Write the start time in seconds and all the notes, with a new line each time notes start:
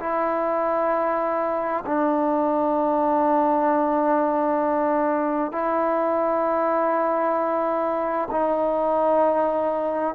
0.00 E4
1.86 D4
5.52 E4
8.31 D#4